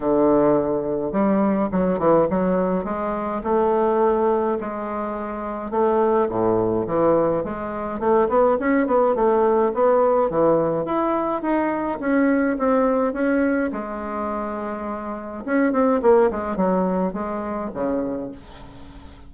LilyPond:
\new Staff \with { instrumentName = "bassoon" } { \time 4/4 \tempo 4 = 105 d2 g4 fis8 e8 | fis4 gis4 a2 | gis2 a4 a,4 | e4 gis4 a8 b8 cis'8 b8 |
a4 b4 e4 e'4 | dis'4 cis'4 c'4 cis'4 | gis2. cis'8 c'8 | ais8 gis8 fis4 gis4 cis4 | }